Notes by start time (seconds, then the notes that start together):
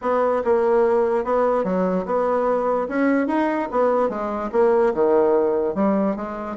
0.01 B3
0.44 A#3
1.24 B3
1.64 F#3
2.05 B3
2.88 C#4
3.27 D#4
3.71 B3
4.09 G#3
4.51 A#3
4.94 D#3
5.74 G3
6.16 G#3